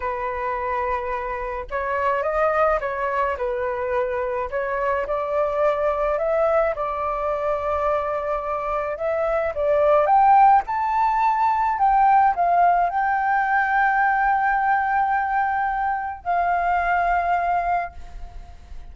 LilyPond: \new Staff \with { instrumentName = "flute" } { \time 4/4 \tempo 4 = 107 b'2. cis''4 | dis''4 cis''4 b'2 | cis''4 d''2 e''4 | d''1 |
e''4 d''4 g''4 a''4~ | a''4 g''4 f''4 g''4~ | g''1~ | g''4 f''2. | }